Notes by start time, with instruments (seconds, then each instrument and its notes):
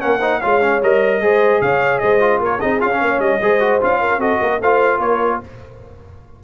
0.00 tuba A#3, trombone C#4, horn A#4, trumpet F#5
0.19 trombone D#4, horn C5
0.41 tuba G#3, trombone F4, horn C#5, trumpet F5
0.62 trombone C#4
0.83 tuba G3, trombone A#4, trumpet D#5
1.21 tuba G#3, trombone G#4, horn C5
1.61 tuba C#3, horn C#5, trumpet F5
1.99 tuba G#3, horn C5, trumpet D#5
2.20 trombone F4
2.40 tuba A#3, horn A#4, trumpet C#5
2.60 tuba C4, trombone D#4, horn G#4, trumpet D#5
2.81 tuba C#4, trombone F4, trumpet F5
2.91 trombone C#4
3.02 tuba A#3, horn C#5
3.19 tuba G3, trumpet D#5
3.42 tuba G#3, trombone G#4, horn C5
3.61 trombone F#4
3.82 tuba C#4, trombone F4, trumpet F5
4.01 horn A#4
4.18 tuba C4, trombone F#4, horn A4, trumpet D#5
4.40 tuba A#3, horn A#4
4.61 tuba A3, trombone F4, horn C5, trumpet F5
5.00 tuba A#3, horn A#4, trumpet C#5